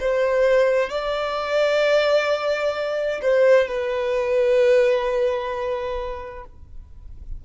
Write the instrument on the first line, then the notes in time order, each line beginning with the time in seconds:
violin
0.00 C5
0.90 D5
3.22 C5
3.68 B4